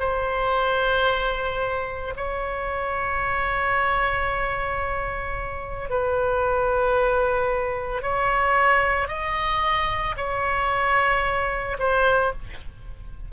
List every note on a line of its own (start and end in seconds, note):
0.00 2.14 C5
2.17 5.90 C#5
5.90 8.02 B4
8.02 9.08 C#5
9.08 10.15 D#5
10.17 11.78 C#5
11.79 12.33 C5